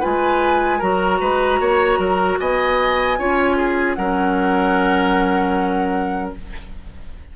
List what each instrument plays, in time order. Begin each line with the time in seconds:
0.00 bassoon G#3, clarinet F4, oboe B4, flute G#5
0.79 bassoon F#3, clarinet F#4, oboe A#4, flute A#5
1.21 bassoon G#3, oboe B4
1.60 bassoon A#3, oboe C#5
1.98 bassoon F#3, oboe A#4
2.40 bassoon B3, oboe D#5, flute G#5
3.18 bassoon C#4, clarinet F4, oboe C#5
3.57 oboe G#4
3.94 bassoon F#3, clarinet C#4, oboe A#4, flute F#5